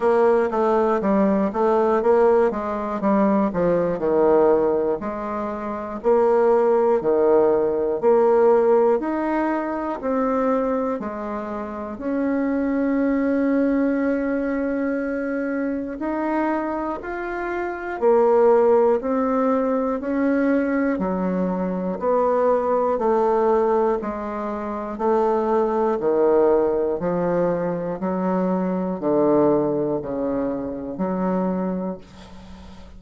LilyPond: \new Staff \with { instrumentName = "bassoon" } { \time 4/4 \tempo 4 = 60 ais8 a8 g8 a8 ais8 gis8 g8 f8 | dis4 gis4 ais4 dis4 | ais4 dis'4 c'4 gis4 | cis'1 |
dis'4 f'4 ais4 c'4 | cis'4 fis4 b4 a4 | gis4 a4 dis4 f4 | fis4 d4 cis4 fis4 | }